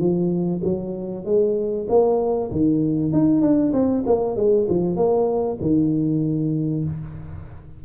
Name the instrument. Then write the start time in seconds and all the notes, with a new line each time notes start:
tuba
0.00 F3
0.64 F#3
1.25 G#3
1.90 A#3
2.52 D#3
3.13 D#4
3.42 D4
3.73 C4
4.07 A#3
4.37 G#3
4.70 F3
4.97 A#3
5.61 D#3